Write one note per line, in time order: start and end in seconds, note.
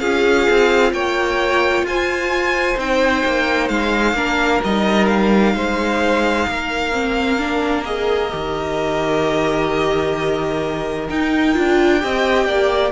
0.00 0.47 C#4
0.00 2.77 F4
0.00 0.93 G#4
0.00 0.92 F5
0.51 0.93 C4
0.93 1.83 A#3
0.93 1.87 C#5
0.93 1.86 G5
1.83 2.75 F4
1.83 4.17 C5
1.83 2.79 G#5
2.77 3.24 C4
2.77 4.15 D#4
2.77 3.69 G5
3.25 3.70 A#3
3.69 4.14 G#3
3.69 4.61 F5
4.14 4.60 A#3
4.14 4.62 D4
4.14 5.56 A#4
4.64 5.55 G3
4.64 6.92 D#4
4.64 5.07 D#5
5.07 7.84 F5
5.55 6.47 G#3
5.55 6.48 C5
6.48 8.33 A#3
6.48 12.03 A#4
6.92 7.39 C4
7.39 7.85 D4
7.85 8.31 G#4
7.85 11.08 D#5
8.31 11.10 D#3
8.31 11.08 G4
11.10 11.55 D#4
11.10 11.57 D#4
11.10 12.92 G5
11.55 12.04 D4
11.55 12.00 F4
12.00 12.46 C4
12.00 12.92 G4
12.00 12.47 D#5
12.46 12.92 A#3
12.46 12.92 D5